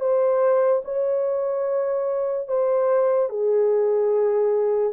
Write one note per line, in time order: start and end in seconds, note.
0.00 0.82 C5
0.84 2.48 C#5
2.48 3.29 C5
3.29 4.93 G#4